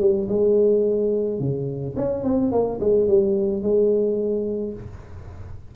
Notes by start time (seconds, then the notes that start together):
0.00 G3
0.28 G#3
1.39 C#3
1.96 C#4
2.23 C4
2.51 A#3
2.80 G#3
3.07 G3
3.62 G#3